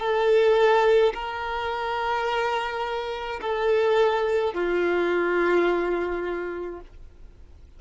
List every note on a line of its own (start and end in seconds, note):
0.00 1.13 A4
1.14 3.41 A#4
3.41 4.54 A4
4.54 6.80 F4